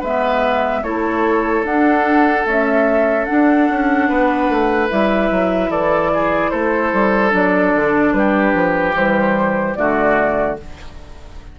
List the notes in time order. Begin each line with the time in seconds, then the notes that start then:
0.00 G#3 B3 B4 E5
0.83 A3 E4 A4 C#5
1.64 D4 F#5
2.44 A3 C#4 E5
3.26 D4 F#5
3.70 C#4
4.09 B3 B4
4.49 A3
4.89 G3 E4 E5
5.31 F#3
5.70 E3 A4 D5
6.14 G#4
6.50 A3 A4 C5
6.93 G3
7.30 F#3 D4 D5
7.76 D3
8.13 G3 G4 B4
8.54 F3
8.94 E3 G3 C5
9.75 D3 A3 F#4 D5